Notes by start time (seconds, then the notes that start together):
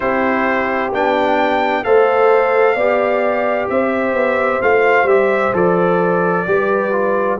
0.00 C4 E4 G4 C5
0.91 B3 D4 G5
1.83 A3 A4 C5 F5
2.75 B3 G4 D5
3.69 C4 C5 E5
4.13 B3
4.62 A3 F4 F5
5.03 G3 G4 E5
5.52 F3 A4 D5
6.46 G3 G4 B4
6.92 F4